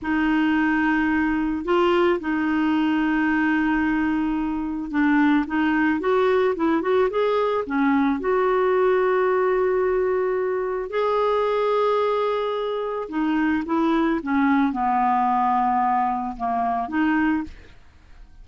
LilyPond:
\new Staff \with { instrumentName = "clarinet" } { \time 4/4 \tempo 4 = 110 dis'2. f'4 | dis'1~ | dis'4 d'4 dis'4 fis'4 | e'8 fis'8 gis'4 cis'4 fis'4~ |
fis'1 | gis'1 | dis'4 e'4 cis'4 b4~ | b2 ais4 dis'4 | }